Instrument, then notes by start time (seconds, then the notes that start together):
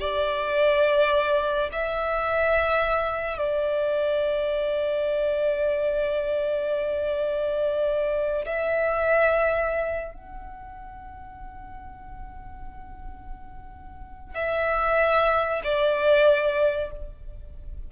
violin
0.00 D5
1.72 E5
3.38 D5
8.45 E5
10.14 F#5
14.34 E5
15.64 D5